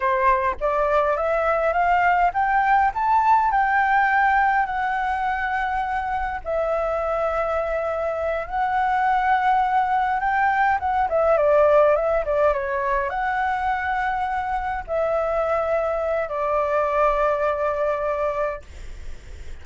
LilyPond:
\new Staff \with { instrumentName = "flute" } { \time 4/4 \tempo 4 = 103 c''4 d''4 e''4 f''4 | g''4 a''4 g''2 | fis''2. e''4~ | e''2~ e''8 fis''4.~ |
fis''4. g''4 fis''8 e''8 d''8~ | d''8 e''8 d''8 cis''4 fis''4.~ | fis''4. e''2~ e''8 | d''1 | }